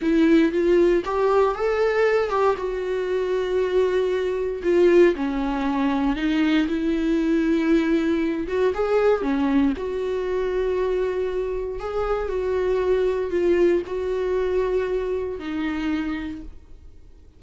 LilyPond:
\new Staff \with { instrumentName = "viola" } { \time 4/4 \tempo 4 = 117 e'4 f'4 g'4 a'4~ | a'8 g'8 fis'2.~ | fis'4 f'4 cis'2 | dis'4 e'2.~ |
e'8 fis'8 gis'4 cis'4 fis'4~ | fis'2. gis'4 | fis'2 f'4 fis'4~ | fis'2 dis'2 | }